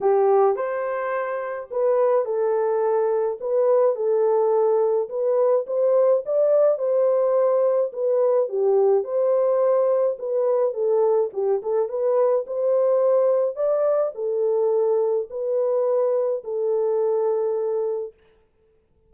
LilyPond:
\new Staff \with { instrumentName = "horn" } { \time 4/4 \tempo 4 = 106 g'4 c''2 b'4 | a'2 b'4 a'4~ | a'4 b'4 c''4 d''4 | c''2 b'4 g'4 |
c''2 b'4 a'4 | g'8 a'8 b'4 c''2 | d''4 a'2 b'4~ | b'4 a'2. | }